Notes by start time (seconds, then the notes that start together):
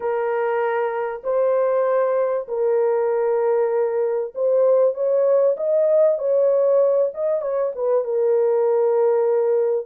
0.00 A#4
1.23 C5
2.47 A#4
4.34 C5
4.94 C#5
5.56 D#5
6.18 C#5
7.13 D#5
7.41 C#5
7.75 B4
8.04 A#4